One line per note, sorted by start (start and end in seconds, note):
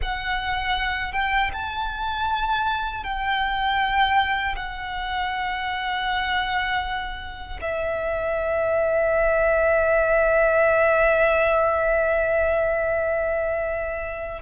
0.01 1.12 F#5
1.12 1.50 G5
1.52 3.03 A5
3.03 4.55 G5
4.56 7.59 F#5
7.61 14.42 E5